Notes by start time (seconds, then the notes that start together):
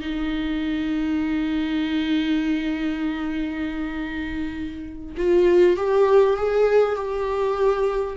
0.00 D#4
5.17 F4
5.76 G4
6.36 G#4
6.95 G4